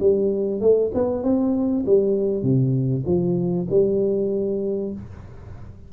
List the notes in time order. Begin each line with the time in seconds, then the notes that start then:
0.00 G3
0.61 A3
0.95 B3
1.23 C4
1.86 G3
2.43 C3
3.06 F3
3.70 G3